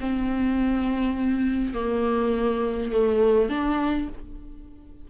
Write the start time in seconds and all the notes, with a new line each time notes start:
0.00 C4
1.74 A#3
2.92 A3
3.49 D4